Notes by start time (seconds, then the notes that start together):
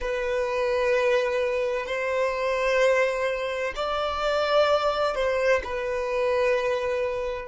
0.00 B4
1.86 C5
3.75 D5
5.15 C5
5.63 B4